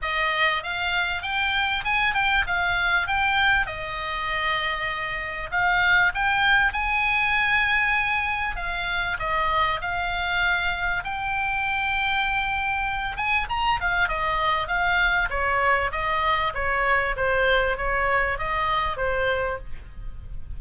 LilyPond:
\new Staff \with { instrumentName = "oboe" } { \time 4/4 \tempo 4 = 98 dis''4 f''4 g''4 gis''8 g''8 | f''4 g''4 dis''2~ | dis''4 f''4 g''4 gis''4~ | gis''2 f''4 dis''4 |
f''2 g''2~ | g''4. gis''8 ais''8 f''8 dis''4 | f''4 cis''4 dis''4 cis''4 | c''4 cis''4 dis''4 c''4 | }